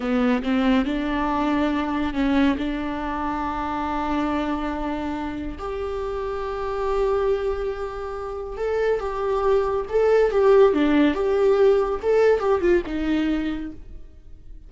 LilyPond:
\new Staff \with { instrumentName = "viola" } { \time 4/4 \tempo 4 = 140 b4 c'4 d'2~ | d'4 cis'4 d'2~ | d'1~ | d'4 g'2.~ |
g'1 | a'4 g'2 a'4 | g'4 d'4 g'2 | a'4 g'8 f'8 dis'2 | }